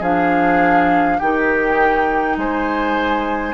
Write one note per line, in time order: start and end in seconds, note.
0.00 1.19 F3
0.00 1.21 D4
0.00 1.18 G#4
0.00 1.19 F5
1.19 2.37 D#3
1.19 3.54 D#4
1.19 2.36 G4
1.19 2.37 G5
2.37 3.54 G#3
2.37 3.54 C5
2.37 3.54 G#5